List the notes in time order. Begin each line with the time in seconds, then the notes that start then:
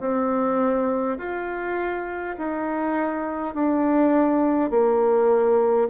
0.00 C4
1.18 F4
2.38 D#4
3.54 D4
4.70 A#3